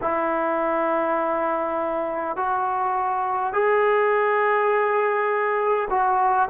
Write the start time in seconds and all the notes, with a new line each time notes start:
0.01 E4
2.36 F#4
3.53 G#4
5.89 F#4